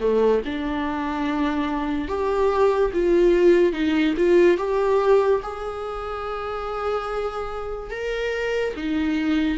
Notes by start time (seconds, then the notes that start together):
0.00 A3
0.44 D4
2.08 G4
2.93 F4
3.72 D#4
4.17 F4
4.57 G4
5.42 G#4
7.90 A#4
8.76 D#4